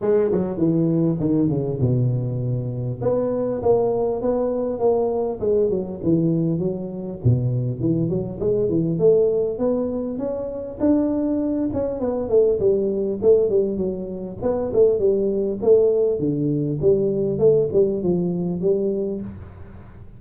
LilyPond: \new Staff \with { instrumentName = "tuba" } { \time 4/4 \tempo 4 = 100 gis8 fis8 e4 dis8 cis8 b,4~ | b,4 b4 ais4 b4 | ais4 gis8 fis8 e4 fis4 | b,4 e8 fis8 gis8 e8 a4 |
b4 cis'4 d'4. cis'8 | b8 a8 g4 a8 g8 fis4 | b8 a8 g4 a4 d4 | g4 a8 g8 f4 g4 | }